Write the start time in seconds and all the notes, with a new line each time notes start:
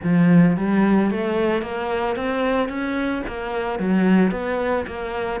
0.03 F3
0.56 G3
1.11 A3
1.62 A#3
2.15 C4
2.68 C#4
3.27 A#3
3.79 F#3
4.31 B3
4.86 A#3